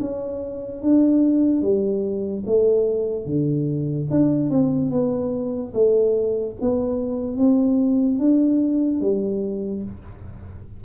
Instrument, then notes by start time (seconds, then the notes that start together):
tuba
0.00 C#4
0.82 D4
1.61 G3
2.46 A3
3.25 D3
4.10 D4
4.50 C4
4.91 B3
5.73 A3
6.61 B3
7.37 C4
8.19 D4
9.00 G3